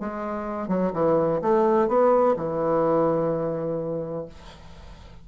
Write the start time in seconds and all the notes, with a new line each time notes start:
0.00 G#3
0.68 F#3
0.93 E3
1.42 A3
1.88 B3
2.36 E3